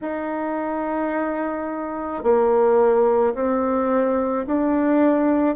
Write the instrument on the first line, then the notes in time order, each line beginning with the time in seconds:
bassoon
0.01 D#4
2.23 A#3
3.34 C4
4.46 D4